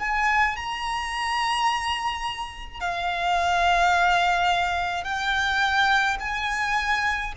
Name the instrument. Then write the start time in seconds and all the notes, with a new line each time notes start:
violin
0.00 G#5
0.57 A#5
2.81 F5
5.04 G5
6.20 G#5